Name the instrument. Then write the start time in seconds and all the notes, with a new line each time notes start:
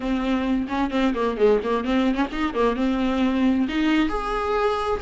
viola
0.00 C4
0.68 C#4
0.91 C4
1.14 A#3
1.37 G#3
1.63 A#3
1.84 C4
2.14 C#4
2.32 D#4
2.54 A#3
2.76 C4
3.68 D#4
4.08 G#4